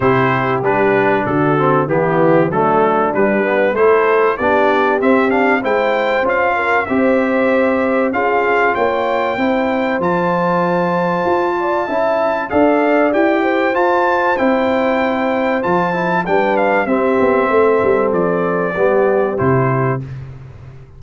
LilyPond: <<
  \new Staff \with { instrumentName = "trumpet" } { \time 4/4 \tempo 4 = 96 c''4 b'4 a'4 g'4 | a'4 b'4 c''4 d''4 | e''8 f''8 g''4 f''4 e''4~ | e''4 f''4 g''2 |
a''1 | f''4 g''4 a''4 g''4~ | g''4 a''4 g''8 f''8 e''4~ | e''4 d''2 c''4 | }
  \new Staff \with { instrumentName = "horn" } { \time 4/4 g'2 fis'4 e'4 | d'2 a'4 g'4~ | g'4 c''4. ais'8 c''4~ | c''4 gis'4 cis''4 c''4~ |
c''2~ c''8 d''8 e''4 | d''4. c''2~ c''8~ | c''2 b'4 g'4 | a'2 g'2 | }
  \new Staff \with { instrumentName = "trombone" } { \time 4/4 e'4 d'4. c'8 b4 | a4 g8 b8 e'4 d'4 | c'8 d'8 e'4 f'4 g'4~ | g'4 f'2 e'4 |
f'2. e'4 | a'4 g'4 f'4 e'4~ | e'4 f'8 e'8 d'4 c'4~ | c'2 b4 e'4 | }
  \new Staff \with { instrumentName = "tuba" } { \time 4/4 c4 g4 d4 e4 | fis4 g4 a4 b4 | c'4 gis4 cis'4 c'4~ | c'4 cis'4 ais4 c'4 |
f2 f'4 cis'4 | d'4 e'4 f'4 c'4~ | c'4 f4 g4 c'8 b8 | a8 g8 f4 g4 c4 | }
>>